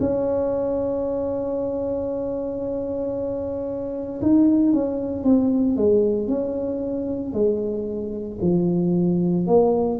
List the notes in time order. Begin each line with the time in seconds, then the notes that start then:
0.00 C#4
4.22 D#4
4.72 C#4
5.23 C4
5.76 G#3
6.27 C#4
7.33 G#3
8.41 F3
9.46 A#3